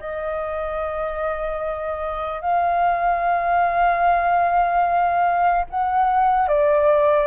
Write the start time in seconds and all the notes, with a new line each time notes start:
0.00 D#5
2.41 F5
5.70 F#5
6.48 D5